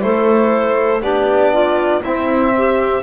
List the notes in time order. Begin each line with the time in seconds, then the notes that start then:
0.00 A3 E4 A4 C5
1.02 B3 D4 G4 D5
1.53 F4
2.01 C4 E4 E5
2.58 G4